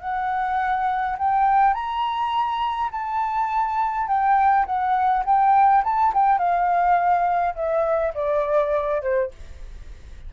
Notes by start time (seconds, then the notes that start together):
0.00 F#5
1.18 G5
1.74 A#5
2.92 A5
4.07 G5
4.66 F#5
5.25 G5
5.84 A5
6.14 G5
6.38 F5
7.55 E5
8.14 D5
9.02 C5